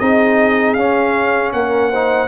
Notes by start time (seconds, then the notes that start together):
0.00 C4 D#4 G#4 D#5
0.74 C#4 F5
1.53 A#3 A#4 F#5
1.91 D#4 C5